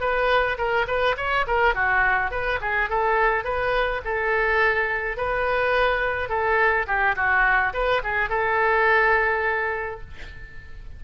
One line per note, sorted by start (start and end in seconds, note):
0.00 0.57 B4
0.57 0.86 A#4
0.87 1.15 B4
1.17 1.45 C#5
1.46 1.74 A#4
1.74 2.30 F#4
2.30 2.59 B4
2.61 2.89 G#4
2.89 3.44 A4
3.44 4.01 B4
4.04 5.17 A4
5.17 6.29 B4
6.29 6.86 A4
6.86 7.15 G4
7.15 7.72 F#4
7.73 8.02 B4
8.03 8.29 G#4
8.29 10.00 A4